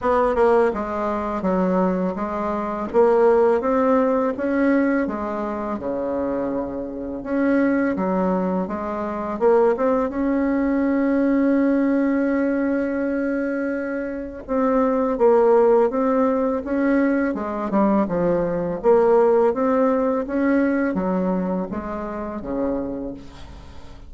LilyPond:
\new Staff \with { instrumentName = "bassoon" } { \time 4/4 \tempo 4 = 83 b8 ais8 gis4 fis4 gis4 | ais4 c'4 cis'4 gis4 | cis2 cis'4 fis4 | gis4 ais8 c'8 cis'2~ |
cis'1 | c'4 ais4 c'4 cis'4 | gis8 g8 f4 ais4 c'4 | cis'4 fis4 gis4 cis4 | }